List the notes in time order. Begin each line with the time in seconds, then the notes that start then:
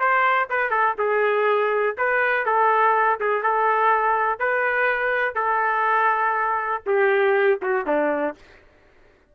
0.00 C5
0.50 B4
0.71 A4
0.98 G#4
1.98 B4
2.46 A4
3.20 G#4
3.43 A4
4.39 B4
5.35 A4
6.86 G4
7.63 F#4
7.87 D4